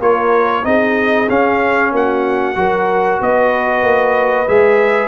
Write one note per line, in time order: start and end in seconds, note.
0.00 0.64 A#3
0.00 0.64 F4
0.00 0.65 A#4
0.00 0.65 C#5
0.64 1.29 C4
0.64 1.28 D#4
0.64 1.94 G#4
0.64 1.29 D#5
1.30 2.56 C#4
1.30 1.92 C#4
1.30 1.93 F5
1.92 2.56 A#3
1.92 2.58 F#4
1.92 3.23 F#5
2.56 3.20 F#3
2.56 4.47 F#4
2.56 3.21 A#4
3.21 3.83 B3
3.21 5.08 B4
3.21 4.49 D#5
3.83 4.47 A#3
4.49 5.08 G#3
4.49 5.08 G#4
4.49 5.08 E5